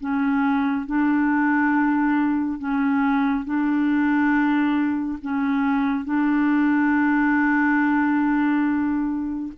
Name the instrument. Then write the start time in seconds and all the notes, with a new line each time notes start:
clarinet
0.00 C#4
0.86 D4
2.58 C#4
3.44 D4
5.22 C#4
6.04 D4